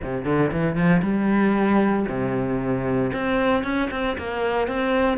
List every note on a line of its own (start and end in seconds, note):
0.03 0.24 C3
0.24 0.50 D3
0.52 0.75 E3
0.75 1.01 F3
1.02 2.05 G3
2.08 3.11 C3
3.13 3.63 C4
3.63 3.89 C#4
3.91 4.16 C4
4.18 4.67 A#3
4.67 5.17 C4